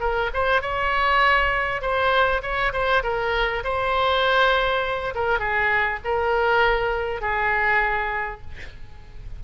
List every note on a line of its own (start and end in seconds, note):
0.00 0.30 A#4
0.34 0.62 C5
0.62 1.82 C#5
1.82 2.42 C5
2.42 2.72 C#5
2.73 3.03 C5
3.03 3.63 A#4
3.64 5.14 C5
5.15 5.39 A#4
5.39 5.99 G#4
6.04 7.21 A#4
7.21 8.41 G#4